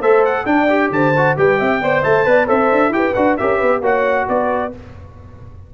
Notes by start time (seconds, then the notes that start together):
0.00 A3 A4 C5 E5
0.25 F#5
0.46 D4 D5 G5
0.70 G4
0.91 D3 C5 A5
1.17 F#4
1.37 G3 G4 B4 G5
1.59 C4 E5
1.81 B3 C5 D5
2.03 A3 E5 A5
2.25 B3 B4 D5
2.47 C4 A4 C5 E5
2.72 D4
2.90 E4 G4 G5
2.96 B4
3.14 D4 F#4 F#5
3.37 C#4 G4 A#4 E5
3.58 B3 B4
3.82 A#3 F#4 C#5 F#5
4.29 B3 B4 D5